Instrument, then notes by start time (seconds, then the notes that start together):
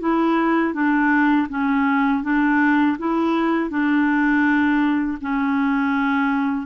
clarinet
0.00 E4
0.73 D4
1.49 C#4
2.23 D4
2.98 E4
3.70 D4
5.21 C#4